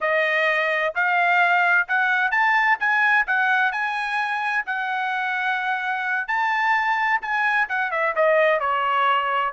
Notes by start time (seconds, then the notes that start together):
0.01 D#5
0.94 F5
1.87 F#5
2.31 A5
2.79 G#5
3.26 F#5
3.71 G#5
4.66 F#5
6.27 A5
7.21 G#5
7.68 F#5
7.91 E5
8.15 D#5
8.60 C#5